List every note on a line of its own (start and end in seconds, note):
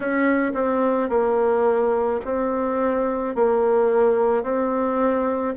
0.00 0.52 C#4
0.54 1.09 C4
1.09 2.20 A#3
2.25 3.35 C4
3.35 4.43 A#3
4.43 5.54 C4